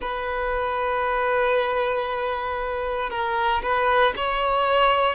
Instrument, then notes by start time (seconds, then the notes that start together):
violin
0.01 B4
3.10 A#4
3.62 B4
4.16 C#5